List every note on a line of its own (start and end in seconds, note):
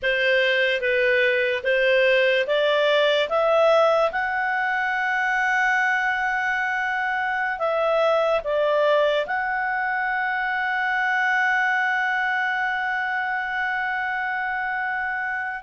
0.02 0.80 C5
0.80 1.63 B4
1.63 2.45 C5
2.47 3.29 D5
3.29 4.11 E5
4.11 7.58 F#5
7.58 8.41 E5
8.44 9.26 D5
9.26 15.63 F#5